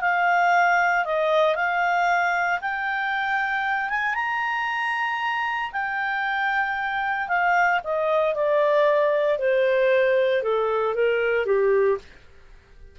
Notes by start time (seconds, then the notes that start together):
0.00 F5
1.05 D#5
1.55 F5
2.61 G5
3.89 G#5
4.14 A#5
5.72 G5
7.28 F5
7.83 D#5
8.34 D5
9.38 C5
10.42 A4
10.94 A#4
11.45 G4